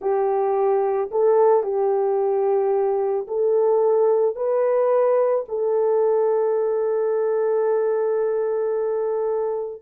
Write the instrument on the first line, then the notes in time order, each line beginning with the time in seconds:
horn
0.01 G4
1.11 A4
1.63 G4
3.27 A4
4.35 B4
5.48 A4